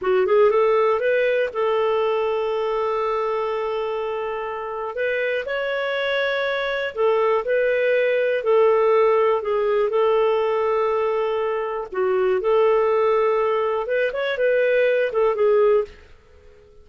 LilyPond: \new Staff \with { instrumentName = "clarinet" } { \time 4/4 \tempo 4 = 121 fis'8 gis'8 a'4 b'4 a'4~ | a'1~ | a'2 b'4 cis''4~ | cis''2 a'4 b'4~ |
b'4 a'2 gis'4 | a'1 | fis'4 a'2. | b'8 cis''8 b'4. a'8 gis'4 | }